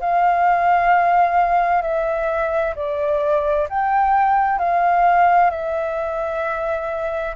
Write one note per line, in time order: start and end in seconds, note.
0.00 1.82 F5
1.82 2.74 E5
2.75 3.68 D5
3.69 4.58 G5
4.58 5.50 F5
5.50 7.35 E5